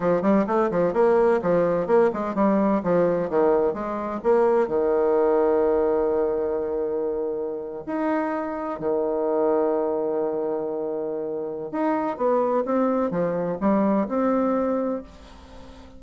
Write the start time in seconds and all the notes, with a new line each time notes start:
0.00 F3
0.22 G3
0.47 A3
0.70 F3
0.93 A#3
1.42 F3
1.86 A#3
2.13 G#3
2.35 G3
2.83 F3
3.29 D#3
3.73 G#3
4.23 A#3
4.67 D#3
7.86 D#4
8.79 D#3
11.71 D#4
12.17 B3
12.65 C4
13.10 F3
13.60 G3
14.08 C4